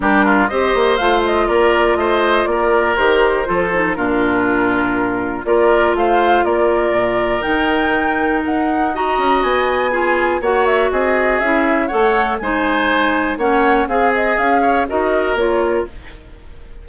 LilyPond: <<
  \new Staff \with { instrumentName = "flute" } { \time 4/4 \tempo 4 = 121 ais'4 dis''4 f''8 dis''8 d''4 | dis''4 d''4 c''2 | ais'2. d''4 | f''4 d''2 g''4~ |
g''4 fis''4 ais''4 gis''4~ | gis''4 fis''8 e''8 dis''4 e''4 | fis''4 gis''2 fis''4 | f''8 dis''8 f''4 dis''4 cis''4 | }
  \new Staff \with { instrumentName = "oboe" } { \time 4/4 g'8 f'8 c''2 ais'4 | c''4 ais'2 a'4 | f'2. ais'4 | c''4 ais'2.~ |
ais'2 dis''2 | gis'4 cis''4 gis'2 | cis''4 c''2 cis''4 | gis'4. cis''8 ais'2 | }
  \new Staff \with { instrumentName = "clarinet" } { \time 4/4 d'4 g'4 f'2~ | f'2 g'4 f'8 dis'8 | d'2. f'4~ | f'2. dis'4~ |
dis'2 fis'2 | f'4 fis'2 e'4 | a'4 dis'2 cis'4 | gis'2 fis'4 f'4 | }
  \new Staff \with { instrumentName = "bassoon" } { \time 4/4 g4 c'8 ais8 a4 ais4 | a4 ais4 dis4 f4 | ais,2. ais4 | a4 ais4 ais,4 dis4~ |
dis4 dis'4. cis'8 b4~ | b4 ais4 c'4 cis'4 | a4 gis2 ais4 | c'4 cis'4 dis'4 ais4 | }
>>